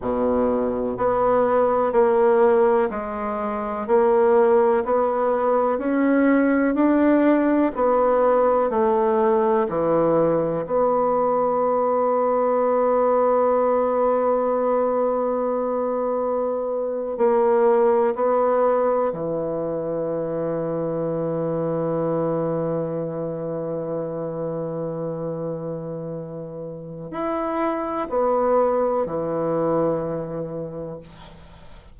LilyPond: \new Staff \with { instrumentName = "bassoon" } { \time 4/4 \tempo 4 = 62 b,4 b4 ais4 gis4 | ais4 b4 cis'4 d'4 | b4 a4 e4 b4~ | b1~ |
b4.~ b16 ais4 b4 e16~ | e1~ | e1 | e'4 b4 e2 | }